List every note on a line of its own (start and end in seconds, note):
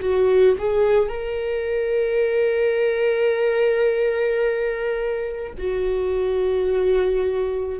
0.00 0.56 F#4
0.58 1.08 G#4
1.08 5.53 A#4
5.58 7.80 F#4